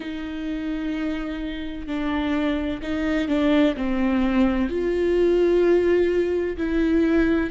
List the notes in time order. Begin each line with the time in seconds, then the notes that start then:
0.00 D#4
1.87 D4
2.82 D#4
3.28 D4
3.76 C4
4.69 F4
6.57 E4